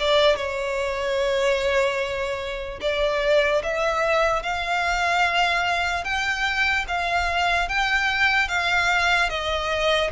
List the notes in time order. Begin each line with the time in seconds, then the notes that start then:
0.00 D5
0.36 C#5
2.82 D5
3.63 E5
4.43 F5
6.05 G5
6.88 F5
7.69 G5
8.49 F5
9.30 D#5